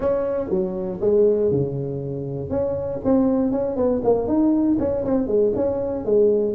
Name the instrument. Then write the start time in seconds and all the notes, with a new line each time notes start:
tuba
0.00 C#4
0.49 F#3
1.01 G#3
1.51 C#3
2.50 C#4
3.04 C4
3.51 C#4
3.76 B3
4.04 A#3
4.27 D#4
4.79 C#4
5.04 C4
5.27 G#3
5.55 C#4
6.05 G#3